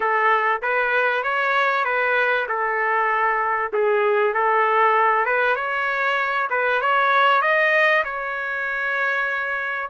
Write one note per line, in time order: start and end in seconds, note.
0.00 0.61 A4
0.62 1.23 B4
1.23 1.84 C#5
1.84 2.46 B4
2.48 3.71 A4
3.73 4.34 G#4
4.34 5.25 A4
5.25 5.55 B4
5.55 6.48 C#5
6.50 6.81 B4
6.81 7.41 C#5
7.41 8.03 D#5
8.04 9.90 C#5